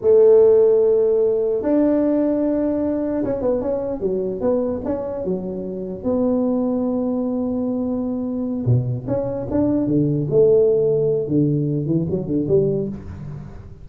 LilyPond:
\new Staff \with { instrumentName = "tuba" } { \time 4/4 \tempo 4 = 149 a1 | d'1 | cis'8 b8 cis'4 fis4 b4 | cis'4 fis2 b4~ |
b1~ | b4. b,4 cis'4 d'8~ | d'8 d4 a2~ a8 | d4. e8 fis8 d8 g4 | }